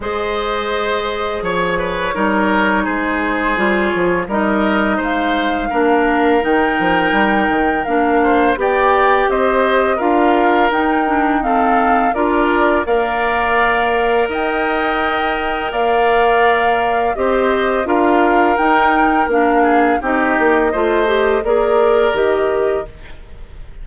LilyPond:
<<
  \new Staff \with { instrumentName = "flute" } { \time 4/4 \tempo 4 = 84 dis''2 cis''2 | c''4. cis''8 dis''4 f''4~ | f''4 g''2 f''4 | g''4 dis''4 f''4 g''4 |
f''4 d''4 f''2 | g''2 f''2 | dis''4 f''4 g''4 f''4 | dis''2 d''4 dis''4 | }
  \new Staff \with { instrumentName = "oboe" } { \time 4/4 c''2 cis''8 b'8 ais'4 | gis'2 ais'4 c''4 | ais'2.~ ais'8 c''8 | d''4 c''4 ais'2 |
a'4 ais'4 d''2 | dis''2 d''2 | c''4 ais'2~ ais'8 gis'8 | g'4 c''4 ais'2 | }
  \new Staff \with { instrumentName = "clarinet" } { \time 4/4 gis'2. dis'4~ | dis'4 f'4 dis'2 | d'4 dis'2 d'4 | g'2 f'4 dis'8 d'8 |
c'4 f'4 ais'2~ | ais'1 | g'4 f'4 dis'4 d'4 | dis'4 f'8 g'8 gis'4 g'4 | }
  \new Staff \with { instrumentName = "bassoon" } { \time 4/4 gis2 f4 g4 | gis4 g8 f8 g4 gis4 | ais4 dis8 f8 g8 dis8 ais4 | b4 c'4 d'4 dis'4~ |
dis'4 d'4 ais2 | dis'2 ais2 | c'4 d'4 dis'4 ais4 | c'8 ais8 a4 ais4 dis4 | }
>>